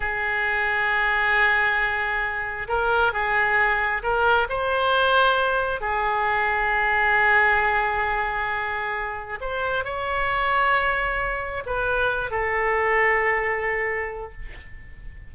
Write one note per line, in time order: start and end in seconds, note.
0.00 2.67 G#4
2.68 3.12 A#4
3.12 4.02 G#4
4.03 4.47 A#4
4.49 5.80 C5
5.80 9.39 G#4
9.41 9.84 C5
9.84 11.63 C#5
11.66 12.31 B4
12.31 14.32 A4